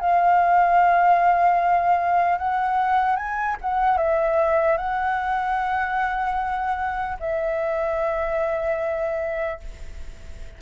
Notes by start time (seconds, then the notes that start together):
0.00 F5
2.39 F#5
3.17 G#5
3.61 F#5
3.98 E5
4.78 F#5
7.20 E5